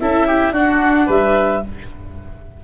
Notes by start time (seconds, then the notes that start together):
0.00 C#4 E4 A4 E5
0.27 G4
0.52 D4 F#4 F#5
1.06 G3 B4 E5